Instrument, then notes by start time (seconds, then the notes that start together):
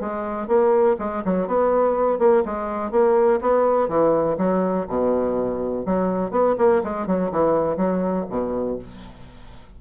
bassoon
0.00 G#3
0.48 A#3
0.99 G#3
1.25 F#3
1.47 B3
2.19 A#3
2.45 G#3
2.91 A#3
3.41 B3
3.88 E3
4.37 F#3
4.88 B2
5.86 F#3
6.31 B3
6.58 A#3
6.84 G#3
7.07 F#3
7.32 E3
7.77 F#3
8.29 B2